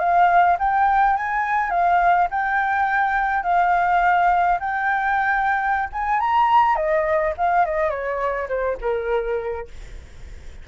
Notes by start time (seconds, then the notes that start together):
0.00 F5
0.59 G5
1.17 G#5
1.70 F5
2.31 G5
3.44 F5
4.60 G5
5.93 G#5
6.20 A#5
6.76 D#5
7.38 F5
7.66 D#5
7.90 C#5
8.49 C5
8.82 A#4